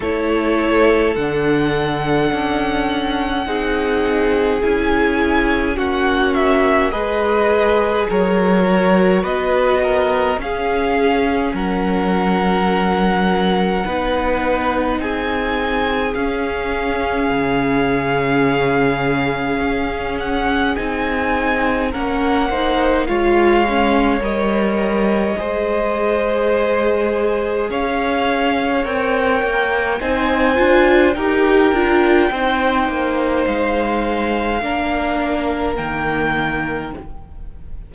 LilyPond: <<
  \new Staff \with { instrumentName = "violin" } { \time 4/4 \tempo 4 = 52 cis''4 fis''2. | gis''4 fis''8 e''8 dis''4 cis''4 | dis''4 f''4 fis''2~ | fis''4 gis''4 f''2~ |
f''4. fis''8 gis''4 fis''4 | f''4 dis''2. | f''4 g''4 gis''4 g''4~ | g''4 f''2 g''4 | }
  \new Staff \with { instrumentName = "violin" } { \time 4/4 a'2. gis'4~ | gis'4 fis'4 b'4 ais'4 | b'8 ais'8 gis'4 ais'2 | b'4 gis'2.~ |
gis'2. ais'8 c''8 | cis''2 c''2 | cis''2 c''4 ais'4 | c''2 ais'2 | }
  \new Staff \with { instrumentName = "viola" } { \time 4/4 e'4 d'2 dis'4 | e'4 cis'4 gis'4. fis'8~ | fis'4 cis'2. | dis'2 cis'2~ |
cis'2 dis'4 cis'8 dis'8 | f'8 cis'8 ais'4 gis'2~ | gis'4 ais'4 dis'8 f'8 g'8 f'8 | dis'2 d'4 ais4 | }
  \new Staff \with { instrumentName = "cello" } { \time 4/4 a4 d4 cis'4 c'4 | cis'4 ais4 gis4 fis4 | b4 cis'4 fis2 | b4 c'4 cis'4 cis4~ |
cis4 cis'4 c'4 ais4 | gis4 g4 gis2 | cis'4 c'8 ais8 c'8 d'8 dis'8 d'8 | c'8 ais8 gis4 ais4 dis4 | }
>>